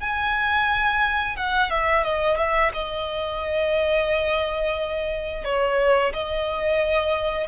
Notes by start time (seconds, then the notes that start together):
0.00 G#5
1.36 F#5
1.70 E5
2.04 D#5
2.37 E5
2.74 D#5
5.45 C#5
6.13 D#5